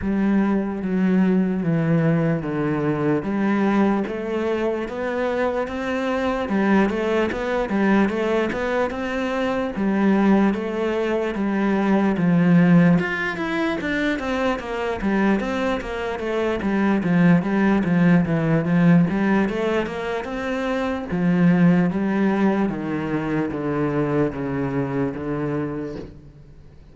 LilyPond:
\new Staff \with { instrumentName = "cello" } { \time 4/4 \tempo 4 = 74 g4 fis4 e4 d4 | g4 a4 b4 c'4 | g8 a8 b8 g8 a8 b8 c'4 | g4 a4 g4 f4 |
f'8 e'8 d'8 c'8 ais8 g8 c'8 ais8 | a8 g8 f8 g8 f8 e8 f8 g8 | a8 ais8 c'4 f4 g4 | dis4 d4 cis4 d4 | }